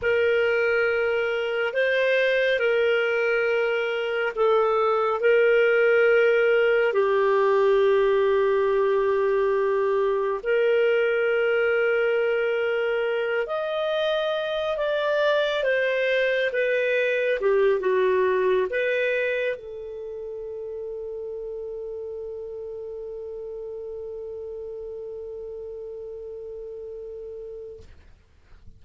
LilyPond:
\new Staff \with { instrumentName = "clarinet" } { \time 4/4 \tempo 4 = 69 ais'2 c''4 ais'4~ | ais'4 a'4 ais'2 | g'1 | ais'2.~ ais'8 dis''8~ |
dis''4 d''4 c''4 b'4 | g'8 fis'4 b'4 a'4.~ | a'1~ | a'1 | }